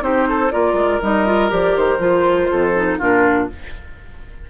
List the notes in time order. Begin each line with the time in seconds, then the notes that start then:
0.00 C4 D#4 G4 C5
0.28 A4
0.51 A#3 F4 A#4 D5
0.73 G#3
1.02 G3 D#4 D#5
1.26 F4
1.49 F3 G4 D5
1.76 D#3 C5
1.99 F3 F4
2.50 F2 A4
2.75 D#4
2.98 A#2 D4 F4 A#4